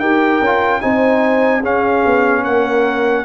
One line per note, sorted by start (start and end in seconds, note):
0.00 0.41 D#4
0.00 0.42 G4
0.00 0.81 A#4
0.00 0.81 G5
0.41 0.82 C#4
0.41 0.81 F4
0.81 1.64 C4
0.81 1.62 D#4
0.81 1.61 C5
0.81 1.62 G#5
1.61 2.04 C#4
1.61 3.26 C#4
1.61 2.42 G#4
1.61 2.45 F5
2.06 2.44 B3
2.44 3.25 A#3
2.44 3.26 A#4
2.44 3.26 F#5